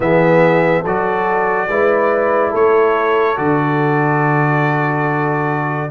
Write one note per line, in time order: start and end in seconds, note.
0.00 0.82 E3
0.00 0.84 B3
0.00 0.82 G#4
0.00 0.85 E5
0.82 1.67 F#3
0.82 1.69 F#4
0.82 1.66 A4
0.82 2.54 D5
1.67 2.52 G#3
1.67 3.36 E4
1.67 2.50 B4
2.50 3.38 A3
2.50 5.88 A4
2.50 3.37 C#5
3.36 5.90 D3
3.36 5.89 F#4
3.36 5.90 D5